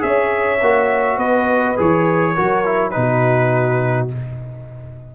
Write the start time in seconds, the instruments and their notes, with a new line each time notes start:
0.00 tuba C#4, trombone G#4, horn C#5, trumpet E5
0.61 tuba A#3, trombone F#4
1.17 tuba B3, horn B4, trumpet D#5
1.77 tuba E3, trombone G#4, trumpet C#5
2.34 tuba F#3, trombone F#4, horn A#4
2.65 trombone E4
2.91 tuba B2, trombone D#4, trumpet B4
2.99 horn F#4